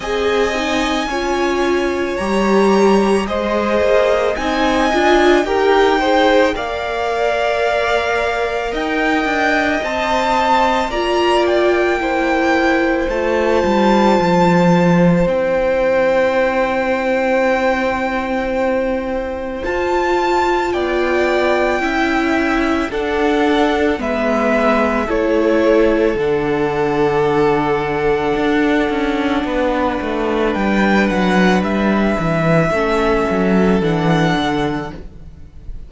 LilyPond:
<<
  \new Staff \with { instrumentName = "violin" } { \time 4/4 \tempo 4 = 55 gis''2 ais''4 dis''4 | gis''4 g''4 f''2 | g''4 a''4 ais''8 g''4. | a''2 g''2~ |
g''2 a''4 g''4~ | g''4 fis''4 e''4 cis''4 | fis''1 | g''8 fis''8 e''2 fis''4 | }
  \new Staff \with { instrumentName = "violin" } { \time 4/4 dis''4 cis''2 c''4 | dis''4 ais'8 c''8 d''2 | dis''2 d''4 c''4~ | c''1~ |
c''2. d''4 | e''4 a'4 b'4 a'4~ | a'2. b'4~ | b'2 a'2 | }
  \new Staff \with { instrumentName = "viola" } { \time 4/4 gis'8 dis'8 f'4 g'4 gis'4 | dis'8 f'8 g'8 gis'8 ais'2~ | ais'4 c''4 f'4 e'4 | f'2 e'2~ |
e'2 f'2 | e'4 d'4 b4 e'4 | d'1~ | d'2 cis'4 d'4 | }
  \new Staff \with { instrumentName = "cello" } { \time 4/4 c'4 cis'4 g4 gis8 ais8 | c'8 d'8 dis'4 ais2 | dis'8 d'8 c'4 ais2 | a8 g8 f4 c'2~ |
c'2 f'4 b4 | cis'4 d'4 gis4 a4 | d2 d'8 cis'8 b8 a8 | g8 fis8 g8 e8 a8 fis8 e8 d8 | }
>>